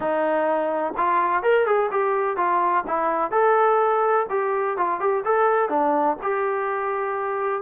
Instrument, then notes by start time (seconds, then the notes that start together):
trombone
0.00 D#4
0.97 F4
1.42 A#4
1.66 G#4
1.91 G4
2.36 F4
2.87 E4
3.31 A4
4.29 G4
4.77 F4
5.00 G4
5.24 A4
5.69 D4
6.22 G4